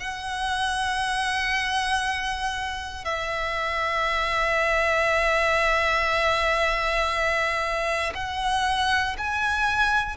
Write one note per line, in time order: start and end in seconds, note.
0.00 3.05 F#5
3.05 8.13 E5
8.14 9.16 F#5
9.18 10.16 G#5